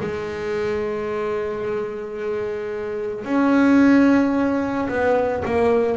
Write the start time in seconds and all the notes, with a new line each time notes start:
0.00 G#3
3.24 C#4
4.88 B3
5.44 A#3